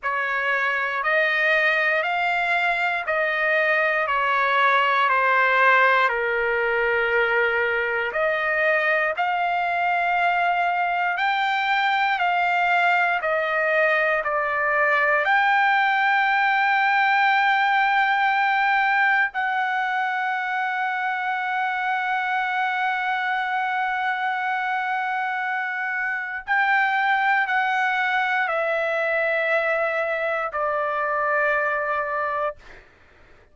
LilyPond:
\new Staff \with { instrumentName = "trumpet" } { \time 4/4 \tempo 4 = 59 cis''4 dis''4 f''4 dis''4 | cis''4 c''4 ais'2 | dis''4 f''2 g''4 | f''4 dis''4 d''4 g''4~ |
g''2. fis''4~ | fis''1~ | fis''2 g''4 fis''4 | e''2 d''2 | }